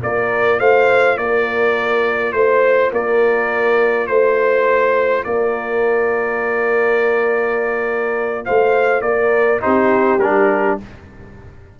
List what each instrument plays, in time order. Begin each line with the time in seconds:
0.00 tuba A#3, trombone F4, horn A#4, trumpet D5
0.60 tuba A3, horn C5, trumpet F5
1.17 tuba A#3, horn A#4, trumpet D5
2.33 tuba A3, trumpet C5, horn C5
2.92 tuba A#3, horn A#4, trumpet D5
4.07 tuba A3, trumpet C5, horn C5
5.24 tuba A#3, horn A#4, trumpet D5
8.45 tuba A3, horn C5, trumpet F5
9.01 tuba A#3, horn A#4, trumpet D5
9.61 tuba C4, trombone D#4, horn G4, trumpet C5
10.19 tuba G3, trombone D4, trumpet A#4